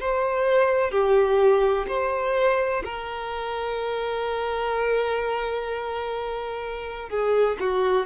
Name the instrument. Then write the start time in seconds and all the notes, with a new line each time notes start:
violin
0.00 C5
0.91 G4
1.88 C5
2.85 A#4
7.10 G#4
7.60 F#4